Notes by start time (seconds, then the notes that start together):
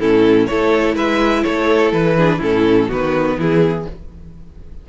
0.00 A2 C#4 E4 A4
0.46 A3 E4 A4 C#5
0.95 G#3 B4 E5
1.44 A3 A4 C#5
1.92 E3 B4
2.17 D4 G#4
2.38 A2 C#4 E4 A4
2.88 D#3 B3 F#4 B4
3.37 E3 E4 G#4